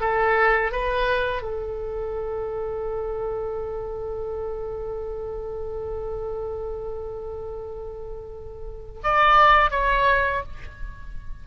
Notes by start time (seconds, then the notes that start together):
0.00 A4
0.72 B4
1.42 A4
9.04 D5
9.71 C#5